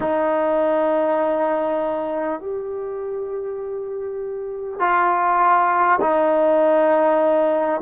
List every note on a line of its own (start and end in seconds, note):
0.00 2.39 D#4
2.40 4.79 G4
4.79 5.99 F4
6.01 7.81 D#4